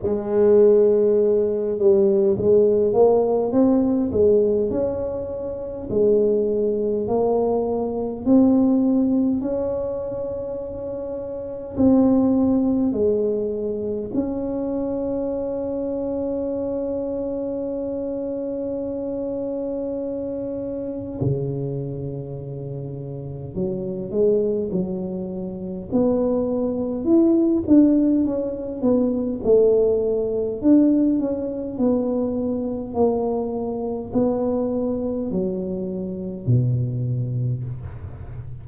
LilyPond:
\new Staff \with { instrumentName = "tuba" } { \time 4/4 \tempo 4 = 51 gis4. g8 gis8 ais8 c'8 gis8 | cis'4 gis4 ais4 c'4 | cis'2 c'4 gis4 | cis'1~ |
cis'2 cis2 | fis8 gis8 fis4 b4 e'8 d'8 | cis'8 b8 a4 d'8 cis'8 b4 | ais4 b4 fis4 b,4 | }